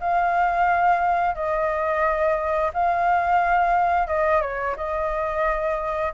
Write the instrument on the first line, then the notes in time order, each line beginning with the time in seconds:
flute
0.00 F5
1.35 D#5
2.73 F5
4.08 D#5
4.41 C#5
4.77 D#5